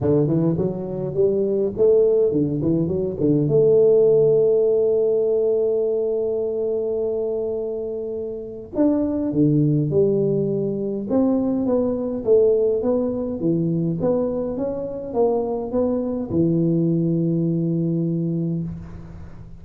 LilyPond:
\new Staff \with { instrumentName = "tuba" } { \time 4/4 \tempo 4 = 103 d8 e8 fis4 g4 a4 | d8 e8 fis8 d8 a2~ | a1~ | a2. d'4 |
d4 g2 c'4 | b4 a4 b4 e4 | b4 cis'4 ais4 b4 | e1 | }